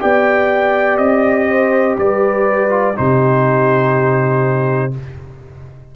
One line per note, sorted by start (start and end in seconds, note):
0.00 0.98 B3
0.00 2.69 G4
0.00 1.48 D5
0.00 0.97 G5
0.97 1.96 C4
0.97 1.96 D#5
1.48 1.98 C5
1.98 2.96 G3
1.98 2.98 B4
1.98 2.97 D5
2.69 2.94 F4
2.94 4.95 C3
2.94 4.91 D#4
2.94 4.95 G4
2.94 4.94 C5